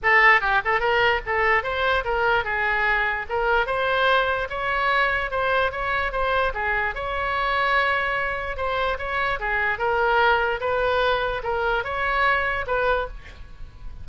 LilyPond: \new Staff \with { instrumentName = "oboe" } { \time 4/4 \tempo 4 = 147 a'4 g'8 a'8 ais'4 a'4 | c''4 ais'4 gis'2 | ais'4 c''2 cis''4~ | cis''4 c''4 cis''4 c''4 |
gis'4 cis''2.~ | cis''4 c''4 cis''4 gis'4 | ais'2 b'2 | ais'4 cis''2 b'4 | }